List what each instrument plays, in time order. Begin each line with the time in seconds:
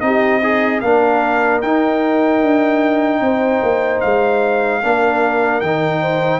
0.00 tuba C4, trombone D#4, horn G4, trumpet D#5
0.40 horn D#4, trombone G#4
0.81 tuba A#3, trombone D4, horn A#4, trumpet F5
1.62 tuba D#4, trombone D#4, trumpet G5
2.42 tuba D4
3.21 tuba C4, horn C5
3.63 tuba A#3
4.00 tuba G#3, trumpet F5
4.83 tuba A#3, trombone D4, horn A#4
5.60 tuba D#3, trombone D#4, trumpet G5
6.01 horn C5